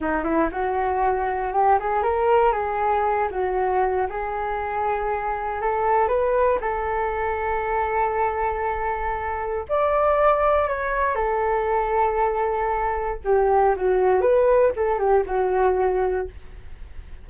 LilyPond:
\new Staff \with { instrumentName = "flute" } { \time 4/4 \tempo 4 = 118 dis'8 e'8 fis'2 g'8 gis'8 | ais'4 gis'4. fis'4. | gis'2. a'4 | b'4 a'2.~ |
a'2. d''4~ | d''4 cis''4 a'2~ | a'2 g'4 fis'4 | b'4 a'8 g'8 fis'2 | }